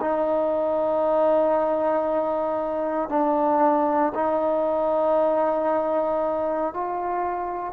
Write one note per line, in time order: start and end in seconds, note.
0.00 3.09 D#4
3.09 4.12 D4
4.14 6.73 D#4
6.73 7.73 F4